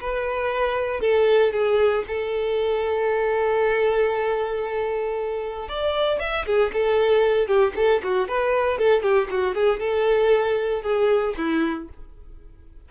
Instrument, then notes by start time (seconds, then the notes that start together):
violin
0.00 B4
1.00 A4
1.52 G#4
2.07 A4
5.68 D5
6.19 E5
6.45 G#4
6.73 A4
7.47 G4
7.76 A4
8.03 F#4
8.28 B4
8.78 A4
9.02 G4
9.30 F#4
9.54 G#4
9.79 A4
10.82 G#4
11.37 E4